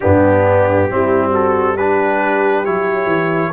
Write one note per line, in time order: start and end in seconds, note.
0.00 0.90 G2
0.00 0.89 B3
0.00 0.89 D4
0.00 1.32 G4
0.89 2.66 G3
0.89 1.78 C4
0.89 1.29 E4
1.29 1.74 F#4
1.29 1.76 A4
1.76 2.65 D4
1.76 3.52 G4
1.76 2.64 B4
2.64 3.05 F#3
2.64 3.53 E4
2.64 3.53 C#5
3.05 3.49 E3